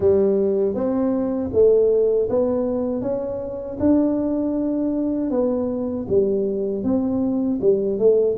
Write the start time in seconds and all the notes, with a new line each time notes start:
0.00 G3
0.74 C4
1.52 A3
2.29 B3
3.01 C#4
3.79 D4
5.30 B3
6.08 G3
6.83 C4
7.61 G3
7.99 A3